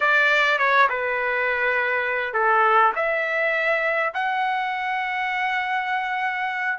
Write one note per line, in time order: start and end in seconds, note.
0.00 0.58 D5
0.58 0.87 C#5
0.89 2.33 B4
2.33 2.92 A4
2.95 4.13 E5
4.13 6.78 F#5